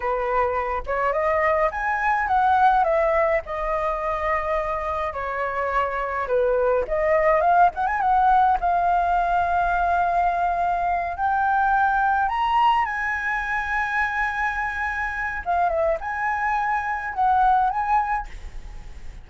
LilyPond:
\new Staff \with { instrumentName = "flute" } { \time 4/4 \tempo 4 = 105 b'4. cis''8 dis''4 gis''4 | fis''4 e''4 dis''2~ | dis''4 cis''2 b'4 | dis''4 f''8 fis''16 gis''16 fis''4 f''4~ |
f''2.~ f''8 g''8~ | g''4. ais''4 gis''4.~ | gis''2. f''8 e''8 | gis''2 fis''4 gis''4 | }